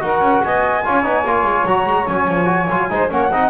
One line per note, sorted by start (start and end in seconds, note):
0.00 0.21 D#4
0.00 0.82 F#4
0.00 0.44 A#4
0.00 0.44 F#5
0.21 0.41 C#4
0.44 0.86 B3
0.44 0.85 D#5
0.44 1.67 G#5
0.85 1.05 C#4
0.85 1.04 F4
0.85 2.90 C#5
1.04 1.24 B3
1.04 1.24 D#4
1.24 1.44 A#3
1.24 1.68 F4
1.44 1.64 G#3
1.66 1.86 F#3
1.66 2.07 F#4
1.66 2.07 A#5
1.87 2.07 G#3
2.07 2.28 F#3
2.07 2.45 C#4
2.07 3.10 G#5
2.28 2.69 F3
2.45 2.66 F#4
2.70 2.90 F#3
2.70 2.90 F4
2.90 3.11 G#3
2.90 3.10 D#4
2.90 3.12 C5
3.10 3.31 A#3
3.10 3.30 C#4
3.10 3.31 C#5
3.10 3.51 F#5
3.31 3.51 C4
3.31 3.51 D#4
3.31 3.51 D#5